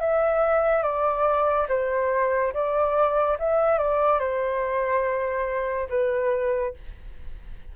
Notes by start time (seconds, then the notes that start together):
0.00 E5
0.83 D5
1.69 C5
2.53 D5
3.39 E5
3.78 D5
4.19 C5
5.89 B4